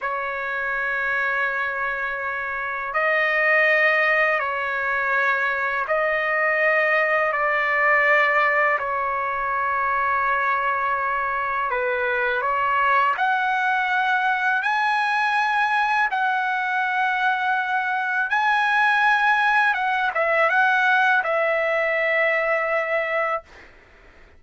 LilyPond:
\new Staff \with { instrumentName = "trumpet" } { \time 4/4 \tempo 4 = 82 cis''1 | dis''2 cis''2 | dis''2 d''2 | cis''1 |
b'4 cis''4 fis''2 | gis''2 fis''2~ | fis''4 gis''2 fis''8 e''8 | fis''4 e''2. | }